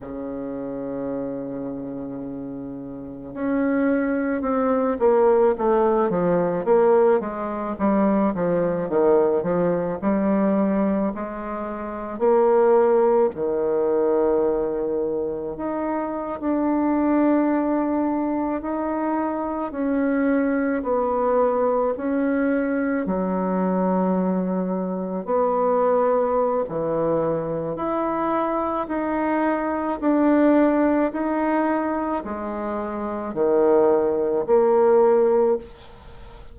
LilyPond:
\new Staff \with { instrumentName = "bassoon" } { \time 4/4 \tempo 4 = 54 cis2. cis'4 | c'8 ais8 a8 f8 ais8 gis8 g8 f8 | dis8 f8 g4 gis4 ais4 | dis2 dis'8. d'4~ d'16~ |
d'8. dis'4 cis'4 b4 cis'16~ | cis'8. fis2 b4~ b16 | e4 e'4 dis'4 d'4 | dis'4 gis4 dis4 ais4 | }